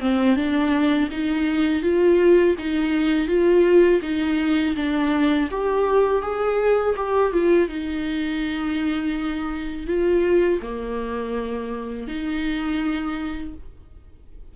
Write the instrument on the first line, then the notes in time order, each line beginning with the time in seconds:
viola
0.00 C4
0.36 D4
1.11 D#4
1.82 F4
2.58 D#4
3.28 F4
4.02 D#4
4.76 D4
5.50 G4
6.22 G#4
6.96 G4
7.32 F4
7.68 D#4
9.86 F4
10.62 A#3
12.07 D#4